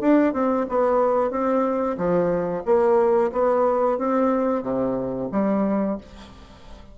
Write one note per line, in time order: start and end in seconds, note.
0.00 0.33 D4
0.33 0.66 C4
0.69 1.30 B3
1.30 1.96 C4
1.97 2.63 F3
2.65 3.31 A#3
3.32 3.98 B3
3.98 4.62 C4
4.62 5.28 C3
5.31 5.97 G3